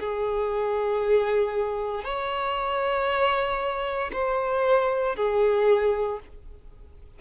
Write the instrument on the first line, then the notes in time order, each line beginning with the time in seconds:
violin
0.00 G#4
2.05 C#5
4.13 C5
5.16 G#4